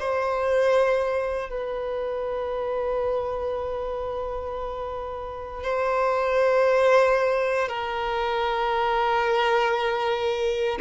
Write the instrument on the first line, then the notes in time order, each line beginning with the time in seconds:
violin
0.00 C5
1.50 B4
5.63 C5
7.68 A#4